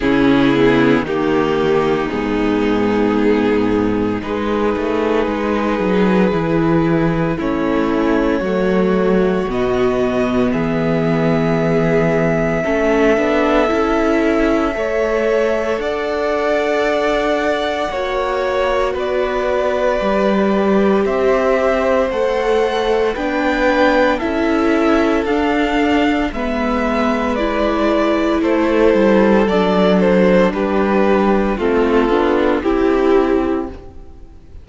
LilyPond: <<
  \new Staff \with { instrumentName = "violin" } { \time 4/4 \tempo 4 = 57 gis'4 g'4 gis'2 | b'2. cis''4~ | cis''4 dis''4 e''2~ | e''2. fis''4~ |
fis''2 d''2 | e''4 fis''4 g''4 e''4 | f''4 e''4 d''4 c''4 | d''8 c''8 b'4 a'4 g'4 | }
  \new Staff \with { instrumentName = "violin" } { \time 4/4 e'4 dis'2. | gis'2. e'4 | fis'2 gis'2 | a'2 cis''4 d''4~ |
d''4 cis''4 b'2 | c''2 b'4 a'4~ | a'4 b'2 a'4~ | a'4 g'4 f'4 e'4 | }
  \new Staff \with { instrumentName = "viola" } { \time 4/4 cis'8 b8 ais4 b2 | dis'2 e'4 cis'4 | a4 b2. | cis'8 d'8 e'4 a'2~ |
a'4 fis'2 g'4~ | g'4 a'4 d'4 e'4 | d'4 b4 e'2 | d'2 c'8 d'8 e'4 | }
  \new Staff \with { instrumentName = "cello" } { \time 4/4 cis4 dis4 gis,2 | gis8 a8 gis8 fis8 e4 a4 | fis4 b,4 e2 | a8 b8 cis'4 a4 d'4~ |
d'4 ais4 b4 g4 | c'4 a4 b4 cis'4 | d'4 gis2 a8 g8 | fis4 g4 a8 b8 c'4 | }
>>